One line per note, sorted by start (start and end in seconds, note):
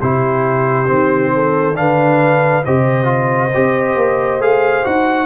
0.00 0.89 C3
0.00 0.85 E4
0.00 1.32 G4
0.00 1.76 C5
0.85 1.75 D#3
0.85 1.74 C4
1.34 1.78 A4
1.74 2.63 D3
1.74 2.63 D4
1.74 2.65 B4
1.74 2.64 F5
2.65 3.54 C3
2.65 3.04 G4
2.65 5.26 C5
2.65 4.41 D#5
3.04 3.48 F4
3.54 3.95 C4
3.54 4.40 G4
3.95 4.39 A#3
4.40 4.84 A3
4.40 4.84 G#4
4.40 4.85 F5
4.84 5.26 D#4
4.84 5.26 F#4
4.84 5.26 F#5